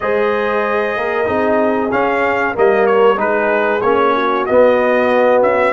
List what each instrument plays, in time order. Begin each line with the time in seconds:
0.00 tuba G#3, trombone G#4, horn C5, trumpet D#5
0.96 tuba A#3, horn A#4
1.25 tuba C4, trombone D#4, horn G#4
1.91 trombone C#4, tuba C#4, trumpet F5
2.54 tuba G3, trombone A#3, horn A#4, trumpet D#5
2.86 trumpet C#5
3.16 tuba G#3, trombone D#4, horn G#4, trumpet B4
3.81 tuba A#3, trombone C#4, trumpet C#5
4.14 horn F#4
4.45 trombone B3, tuba B3, trumpet D#5
5.42 tuba C#4, trumpet E5